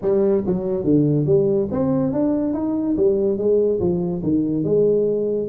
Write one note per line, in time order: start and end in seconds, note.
0.02 0.44 G3
0.46 0.84 F#3
0.84 1.26 D3
1.26 1.68 G3
1.71 2.12 C4
2.12 2.53 D4
2.53 2.95 D#4
2.96 3.37 G3
3.37 3.79 G#3
3.80 4.22 F3
4.23 4.63 D#3
4.63 5.48 G#3